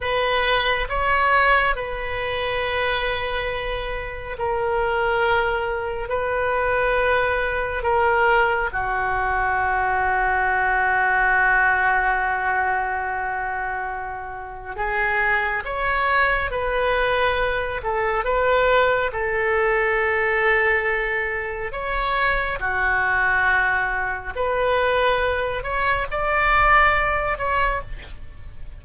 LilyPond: \new Staff \with { instrumentName = "oboe" } { \time 4/4 \tempo 4 = 69 b'4 cis''4 b'2~ | b'4 ais'2 b'4~ | b'4 ais'4 fis'2~ | fis'1~ |
fis'4 gis'4 cis''4 b'4~ | b'8 a'8 b'4 a'2~ | a'4 cis''4 fis'2 | b'4. cis''8 d''4. cis''8 | }